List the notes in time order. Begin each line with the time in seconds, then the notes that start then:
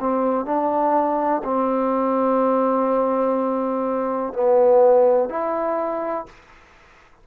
0.00 C4
0.46 D4
1.44 C4
4.34 B3
5.30 E4